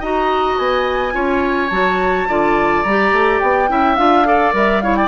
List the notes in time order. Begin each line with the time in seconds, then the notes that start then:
0.00 D#4 F#4 D#5 A#5
0.58 B3 G#5
1.12 C#4 F4 C#5
1.70 F#3 F#4 A5
2.28 D3 F4 D5
2.83 G3 A#5
2.89 G4
3.13 A3
3.40 B3 G5
3.69 C#4 E4 E5
3.96 D4 F4 F5
4.25 A4 D5
4.53 G3 A#4 E5
4.81 E4 C#5 F5
4.96 D5 G5